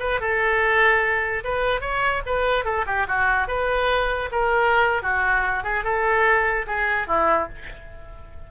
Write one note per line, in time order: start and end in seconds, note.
0.00 0.21 B4
0.21 1.44 A4
1.44 1.81 B4
1.81 2.22 C#5
2.26 2.65 B4
2.65 2.86 A4
2.87 3.07 G4
3.08 3.48 F#4
3.48 4.30 B4
4.32 5.03 A#4
5.03 5.64 F#4
5.64 5.84 G#4
5.84 6.66 A4
6.67 7.08 G#4
7.08 7.49 E4